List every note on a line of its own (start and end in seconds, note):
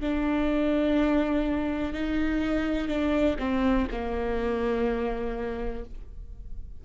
0.00 1.93 D4
1.93 2.88 D#4
2.88 3.36 D4
3.38 3.87 C4
3.91 5.84 A#3